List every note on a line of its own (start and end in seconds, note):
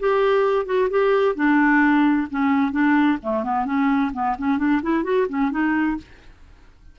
0.00 0.66 G4
0.66 0.89 F#4
0.90 1.36 G4
1.36 2.28 D4
2.31 2.72 C#4
2.72 3.18 D4
3.23 3.44 A3
3.44 3.66 B3
3.66 4.12 C#4
4.13 4.37 B3
4.39 4.59 C#4
4.59 4.82 D4
4.83 5.04 E4
5.04 5.27 F#4
5.29 5.51 C#4
5.51 5.97 D#4